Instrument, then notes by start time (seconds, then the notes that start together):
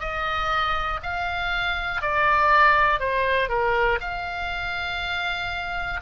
oboe
0.00 D#5
1.03 F5
2.01 D5
3.00 C5
3.49 A#4
4.00 F5